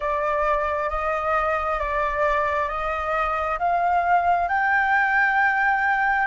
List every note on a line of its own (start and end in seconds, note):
0.00 0.89 D5
0.89 1.79 D#5
1.79 2.68 D5
2.69 3.58 D#5
3.59 4.48 F5
4.48 6.27 G5